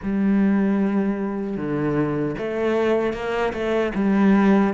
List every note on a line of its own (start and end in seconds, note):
0.02 1.56 G3
1.56 2.35 D3
2.38 3.13 A3
3.13 3.52 A#3
3.53 3.92 A3
3.94 4.73 G3